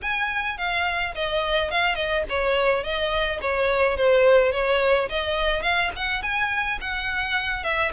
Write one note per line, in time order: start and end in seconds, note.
0.02 0.57 G#5
0.57 1.14 F5
1.14 1.71 D#5
1.71 1.95 F5
1.95 2.23 D#5
2.29 2.83 C#5
2.83 3.40 D#5
3.41 3.96 C#5
3.96 4.52 C5
4.52 5.08 C#5
5.09 5.62 D#5
5.62 5.90 F5
5.96 6.22 F#5
6.22 6.78 G#5
6.81 7.63 F#5
7.63 7.91 E5